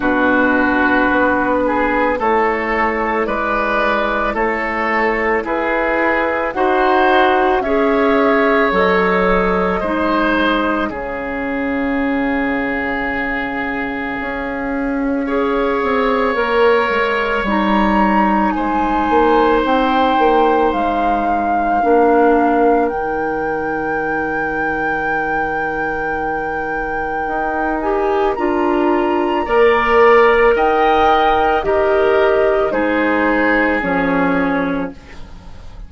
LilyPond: <<
  \new Staff \with { instrumentName = "flute" } { \time 4/4 \tempo 4 = 55 b'2 cis''4 d''4 | cis''4 b'4 fis''4 e''4 | dis''2 f''2~ | f''1 |
ais''4 gis''4 g''4 f''4~ | f''4 g''2.~ | g''4. gis''8 ais''2 | g''4 dis''4 c''4 cis''4 | }
  \new Staff \with { instrumentName = "oboe" } { \time 4/4 fis'4. gis'8 a'4 b'4 | a'4 gis'4 c''4 cis''4~ | cis''4 c''4 gis'2~ | gis'2 cis''2~ |
cis''4 c''2. | ais'1~ | ais'2. d''4 | dis''4 ais'4 gis'2 | }
  \new Staff \with { instrumentName = "clarinet" } { \time 4/4 d'2 e'2~ | e'2 fis'4 gis'4 | a'4 dis'4 cis'2~ | cis'2 gis'4 ais'4 |
dis'1 | d'4 dis'2.~ | dis'4. g'8 f'4 ais'4~ | ais'4 g'4 dis'4 cis'4 | }
  \new Staff \with { instrumentName = "bassoon" } { \time 4/4 b,4 b4 a4 gis4 | a4 e'4 dis'4 cis'4 | fis4 gis4 cis2~ | cis4 cis'4. c'8 ais8 gis8 |
g4 gis8 ais8 c'8 ais8 gis4 | ais4 dis2.~ | dis4 dis'4 d'4 ais4 | dis'4 dis4 gis4 f4 | }
>>